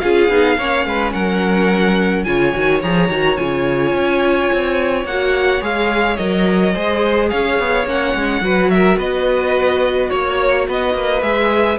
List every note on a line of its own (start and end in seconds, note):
0.00 0.29 C#4
0.00 0.31 F4
0.00 0.59 G#4
0.00 1.12 F5
0.29 0.57 B3
0.29 0.59 D#4
0.59 0.86 A#3
0.59 2.26 C#4
0.59 0.87 C#5
0.86 1.14 G#3
0.86 1.14 B4
1.13 2.27 F#3
1.13 2.26 A#4
1.13 2.24 F#5
2.24 2.55 C#3
2.24 2.53 F4
2.24 6.74 C#5
2.24 2.80 G#5
2.53 2.84 D#3
2.53 2.81 F#4
2.83 3.10 F3
2.83 3.11 G#4
2.83 3.37 A#5
3.10 3.38 D#3
3.10 3.37 F#4
3.37 3.94 C#3
3.37 5.06 F4
3.37 5.06 G#5
3.94 4.50 C#4
4.53 5.05 C4
5.05 5.61 A#3
5.05 5.62 F#4
5.05 5.63 F#5
5.62 6.18 G#3
5.62 6.18 G#4
5.62 6.17 F5
6.17 6.76 F#3
6.17 6.75 A#4
6.17 7.29 D#5
6.74 7.32 G#3
6.74 7.87 G#4
6.74 7.30 C5
7.30 7.59 C#4
7.30 8.43 C#5
7.30 7.86 F5
7.59 7.86 B3
7.86 8.14 A#3
7.86 8.43 C#4
7.86 8.70 F#5
8.15 8.42 G#3
8.42 8.98 F#3
8.42 11.22 F#4
8.42 8.72 B4
8.70 8.98 A#4
8.70 8.98 E5
8.98 10.11 B3
8.98 10.10 B4
8.98 10.10 D#5
10.10 10.69 A#3
10.10 10.66 C#5
10.10 10.67 C#5
10.68 10.95 B3
10.68 11.79 B4
10.68 11.23 D#5
10.95 11.22 A#3
11.22 11.78 G#3
11.22 11.78 G#4
11.22 11.79 E5